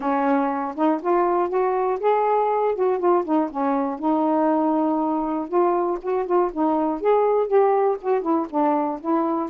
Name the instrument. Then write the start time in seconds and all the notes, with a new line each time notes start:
saxophone
0.00 C#4
0.75 D#4
1.02 F4
1.49 F#4
2.00 G#4
2.75 F#4
2.99 F4
3.25 D#4
3.50 C#4
3.99 D#4
5.48 F4
6.02 F#4
6.25 F4
6.52 D#4
7.00 G#4
7.47 G4
8.01 F#4
8.21 E4
8.50 D4
9.00 E4